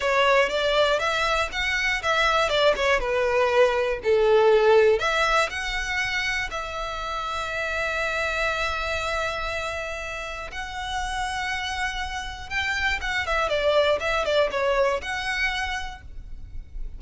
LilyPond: \new Staff \with { instrumentName = "violin" } { \time 4/4 \tempo 4 = 120 cis''4 d''4 e''4 fis''4 | e''4 d''8 cis''8 b'2 | a'2 e''4 fis''4~ | fis''4 e''2.~ |
e''1~ | e''4 fis''2.~ | fis''4 g''4 fis''8 e''8 d''4 | e''8 d''8 cis''4 fis''2 | }